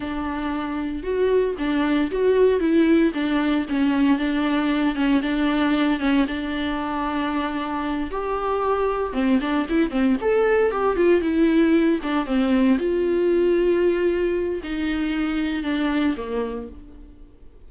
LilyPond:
\new Staff \with { instrumentName = "viola" } { \time 4/4 \tempo 4 = 115 d'2 fis'4 d'4 | fis'4 e'4 d'4 cis'4 | d'4. cis'8 d'4. cis'8 | d'2.~ d'8 g'8~ |
g'4. c'8 d'8 e'8 c'8 a'8~ | a'8 g'8 f'8 e'4. d'8 c'8~ | c'8 f'2.~ f'8 | dis'2 d'4 ais4 | }